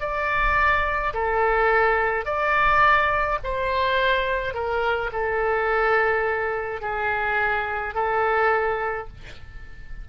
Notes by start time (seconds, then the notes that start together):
0.00 D5
1.14 A4
2.25 D5
3.44 C5
4.54 A#4
5.13 A4
6.81 G#4
7.95 A4